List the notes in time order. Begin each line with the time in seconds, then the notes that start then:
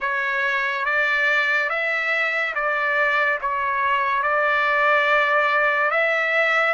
0.00 C#5
0.85 D5
1.69 E5
2.54 D5
3.41 C#5
4.23 D5
5.90 E5